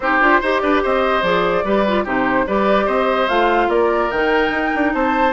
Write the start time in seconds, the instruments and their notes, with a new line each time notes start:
0.00 bassoon C4, clarinet D#4, oboe G4, flute C5
0.20 bassoon D4, clarinet F4
0.40 bassoon D#4, clarinet G4, oboe C5
0.59 bassoon D4, oboe B4, flute D5
0.82 bassoon C4, oboe C5, flute D#5
1.22 bassoon F3, clarinet G#4, flute D5
1.64 bassoon G3, clarinet G4, oboe B4
1.87 clarinet F4
2.04 bassoon C3, clarinet D#4, oboe G4, flute C5
2.46 bassoon G3, clarinet G4, oboe B4, flute D5
2.85 bassoon C4, oboe C5, flute D#5
3.28 bassoon A3, clarinet F4, flute F5
3.68 bassoon A#3, oboe A#4, flute D5
4.11 bassoon D#3, clarinet D#4, flute G5
4.50 bassoon D#4
4.75 bassoon D4
4.93 bassoon C4, oboe C5, flute A5